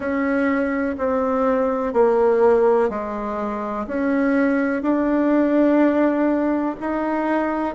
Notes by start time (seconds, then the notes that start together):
0.00 C#4
0.98 C4
1.93 A#3
2.89 G#3
3.87 C#4
4.82 D4
6.80 D#4